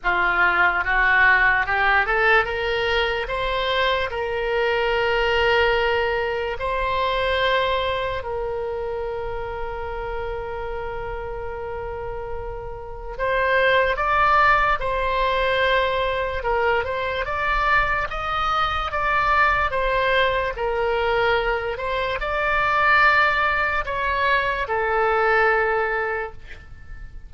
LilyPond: \new Staff \with { instrumentName = "oboe" } { \time 4/4 \tempo 4 = 73 f'4 fis'4 g'8 a'8 ais'4 | c''4 ais'2. | c''2 ais'2~ | ais'1 |
c''4 d''4 c''2 | ais'8 c''8 d''4 dis''4 d''4 | c''4 ais'4. c''8 d''4~ | d''4 cis''4 a'2 | }